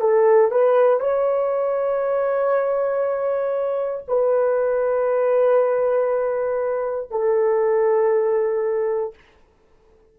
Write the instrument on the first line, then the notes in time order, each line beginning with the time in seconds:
horn
0.00 A4
0.51 B4
0.99 C#5
4.07 B4
7.10 A4